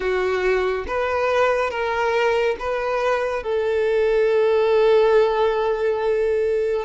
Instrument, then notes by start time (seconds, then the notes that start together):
violin
0.00 F#4
0.87 B4
1.70 A#4
2.59 B4
3.43 A4